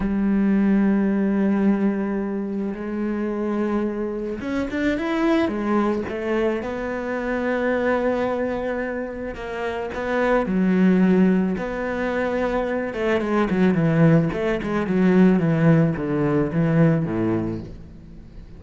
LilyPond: \new Staff \with { instrumentName = "cello" } { \time 4/4 \tempo 4 = 109 g1~ | g4 gis2. | cis'8 d'8 e'4 gis4 a4 | b1~ |
b4 ais4 b4 fis4~ | fis4 b2~ b8 a8 | gis8 fis8 e4 a8 gis8 fis4 | e4 d4 e4 a,4 | }